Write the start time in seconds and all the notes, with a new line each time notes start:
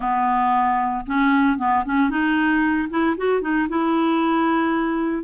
0.00 B3
1.06 C#4
1.58 B3
1.85 C#4
2.10 D#4
2.89 E4
3.17 F#4
3.41 D#4
3.68 E4